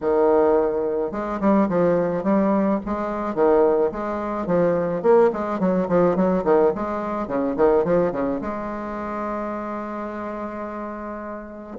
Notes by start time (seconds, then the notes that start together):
0.01 D#3
1.11 G#3
1.40 G3
1.68 F3
2.23 G3
2.85 G#3
3.34 D#3
3.91 G#3
4.46 F3
5.02 A#3
5.33 G#3
5.59 F#3
5.88 F3
6.16 F#3
6.44 D#3
6.75 G#3
7.27 C#3
7.56 D#3
7.84 F3
8.12 C#3
8.41 G#3